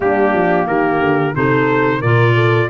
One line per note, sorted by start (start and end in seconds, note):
0.00 0.33 G3
0.00 1.34 A#3
0.00 0.67 D4
0.00 0.67 G4
0.33 0.66 F3
0.66 1.00 D#3
0.66 1.35 G4
0.66 1.34 A#4
1.00 1.33 D3
1.34 2.01 C3
1.34 2.01 D#4
1.34 2.00 A4
1.34 2.01 C5
2.00 2.69 A#2
2.00 2.69 F4
2.00 2.33 A#4
2.00 2.69 D5
2.35 2.69 A4